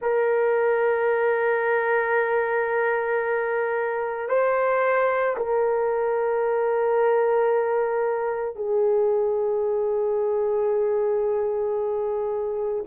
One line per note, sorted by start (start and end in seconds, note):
0.01 4.29 A#4
4.29 5.36 C5
5.36 8.55 A#4
8.55 12.84 G#4